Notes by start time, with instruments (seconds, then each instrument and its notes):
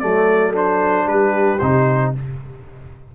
0.00 tuba F#3, trombone A3, horn A4, trumpet D5
0.54 trombone D4, trumpet C5
1.07 tuba G3, horn G4, trumpet B4
1.59 tuba C3, trombone D#4, trumpet C5